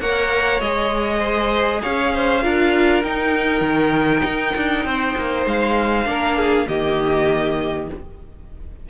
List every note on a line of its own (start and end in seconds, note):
0.00 0.60 A#3
0.00 0.62 A#4
0.00 1.19 C#5
0.00 0.60 F#5
0.60 1.81 G#3
0.60 2.43 G#4
0.60 1.82 D#5
1.19 1.80 C5
1.83 2.44 C#4
1.83 2.13 C#5
1.83 3.03 F5
2.14 2.43 C5
2.43 3.04 D4
2.43 3.03 F4
2.43 4.86 A#4
3.03 3.61 D#4
3.03 6.06 D#4
3.03 5.46 G5
3.61 4.22 D#3
4.24 4.55 D#4
4.56 4.85 D4
4.85 5.15 C4
4.85 6.08 C5
5.17 5.46 A#3
5.46 6.06 G#3
5.46 6.68 F5
6.06 6.66 A#3
6.06 6.67 D4
6.06 6.37 A#4
6.37 6.67 G#4
6.67 7.89 D#3
6.67 7.88 A#3
6.67 7.90 G4
6.67 7.89 D#5